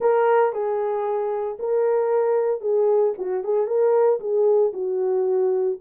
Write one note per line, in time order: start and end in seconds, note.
0.00 0.52 A#4
0.52 1.58 G#4
1.59 2.60 A#4
2.60 3.13 G#4
3.18 3.44 F#4
3.44 3.67 G#4
3.67 4.19 A#4
4.20 4.72 G#4
4.73 5.78 F#4